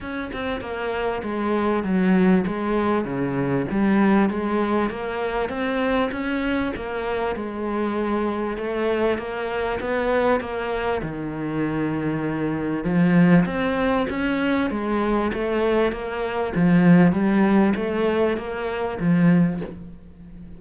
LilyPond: \new Staff \with { instrumentName = "cello" } { \time 4/4 \tempo 4 = 98 cis'8 c'8 ais4 gis4 fis4 | gis4 cis4 g4 gis4 | ais4 c'4 cis'4 ais4 | gis2 a4 ais4 |
b4 ais4 dis2~ | dis4 f4 c'4 cis'4 | gis4 a4 ais4 f4 | g4 a4 ais4 f4 | }